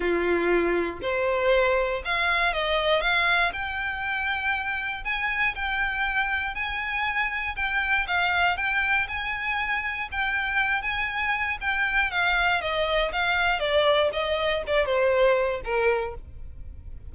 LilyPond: \new Staff \with { instrumentName = "violin" } { \time 4/4 \tempo 4 = 119 f'2 c''2 | f''4 dis''4 f''4 g''4~ | g''2 gis''4 g''4~ | g''4 gis''2 g''4 |
f''4 g''4 gis''2 | g''4. gis''4. g''4 | f''4 dis''4 f''4 d''4 | dis''4 d''8 c''4. ais'4 | }